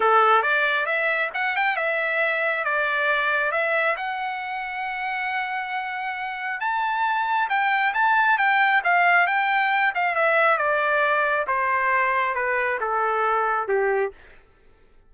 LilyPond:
\new Staff \with { instrumentName = "trumpet" } { \time 4/4 \tempo 4 = 136 a'4 d''4 e''4 fis''8 g''8 | e''2 d''2 | e''4 fis''2.~ | fis''2. a''4~ |
a''4 g''4 a''4 g''4 | f''4 g''4. f''8 e''4 | d''2 c''2 | b'4 a'2 g'4 | }